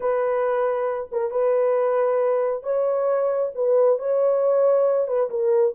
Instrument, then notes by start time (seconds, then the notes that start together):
horn
0.00 B4
1.11 A#4
1.30 B4
2.63 C#5
3.54 B4
3.98 C#5
5.07 B4
5.30 A#4